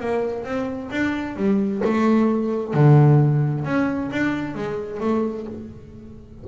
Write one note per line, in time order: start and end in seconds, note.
0.00 0.45 A#3
0.45 0.90 C4
0.91 1.36 D4
1.36 1.82 G3
1.85 2.74 A3
2.74 3.65 D3
3.65 4.11 C#4
4.12 4.55 D4
4.55 5.01 G#3
5.01 5.46 A3